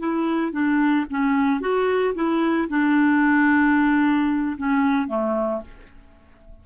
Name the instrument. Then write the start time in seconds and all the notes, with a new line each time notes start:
clarinet
0.00 E4
0.53 D4
1.11 C#4
1.61 F#4
2.15 E4
2.70 D4
4.58 C#4
5.08 A3